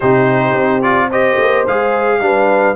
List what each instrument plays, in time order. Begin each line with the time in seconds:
0.00 tuba C3, trombone D#4, horn G4, trumpet C5
0.53 tuba C4
0.81 trombone F4, trumpet D5
1.09 trombone G4, horn C5, trumpet D#5
1.37 tuba A#3
1.67 tuba G#3, trombone G#4, trumpet F5
2.20 tuba G3, trombone D4, horn B4